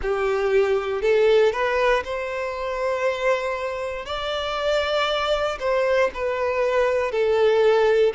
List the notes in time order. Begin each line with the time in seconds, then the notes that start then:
0.01 G4
1.01 A4
1.52 B4
2.04 C5
4.05 D5
5.59 C5
6.14 B4
7.11 A4